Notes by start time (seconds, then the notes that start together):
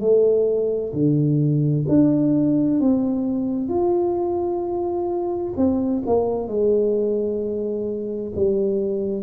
0.00 A3
0.93 D3
1.88 D4
2.80 C4
3.68 F4
5.56 C4
6.06 A#3
6.48 G#3
8.35 G3